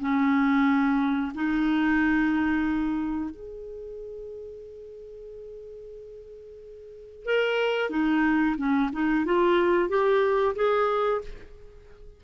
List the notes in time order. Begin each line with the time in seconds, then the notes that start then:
0.00 C#4
1.34 D#4
3.30 G#4
7.25 A#4
7.89 D#4
8.57 C#4
8.92 D#4
9.25 F4
9.88 G4
10.55 G#4